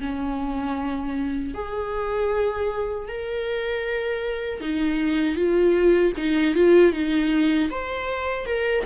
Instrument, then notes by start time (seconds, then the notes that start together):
viola
0.00 C#4
1.54 G#4
3.08 A#4
4.60 D#4
5.36 F4
6.17 D#4
6.55 F4
6.93 D#4
7.70 C5
8.46 A#4